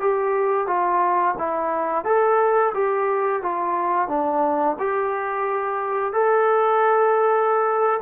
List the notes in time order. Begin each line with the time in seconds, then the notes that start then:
0.00 G4
0.67 F4
1.38 E4
2.04 A4
2.74 G4
3.42 F4
4.08 D4
4.79 G4
6.12 A4